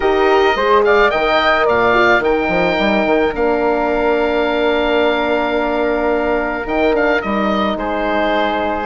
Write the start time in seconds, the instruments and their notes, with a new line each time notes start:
0.00 bassoon D#4, horn G4, flute A#4, oboe D#5
0.55 bassoon G#3, horn G#4, flute C5
0.84 flute D5, oboe F5
1.10 bassoon D#3, horn A#4, flute D#5, oboe G5
1.66 bassoon A#2, flute D5, oboe F5
1.94 horn F4
2.19 bassoon D#3, horn D#4, flute A#4, oboe G5
2.48 bassoon F3
2.78 bassoon G3
3.05 bassoon D#3
3.32 bassoon A#3, horn D4, oboe F5
6.65 bassoon D#3, horn D#4, oboe G5
6.92 horn D4, oboe F5
7.21 bassoon G3, horn D#4, oboe D#5
7.75 bassoon G#3, flute G#4, oboe C5